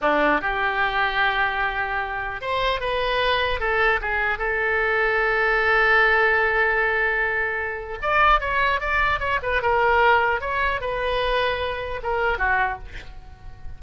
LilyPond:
\new Staff \with { instrumentName = "oboe" } { \time 4/4 \tempo 4 = 150 d'4 g'2.~ | g'2 c''4 b'4~ | b'4 a'4 gis'4 a'4~ | a'1~ |
a'1 | d''4 cis''4 d''4 cis''8 b'8 | ais'2 cis''4 b'4~ | b'2 ais'4 fis'4 | }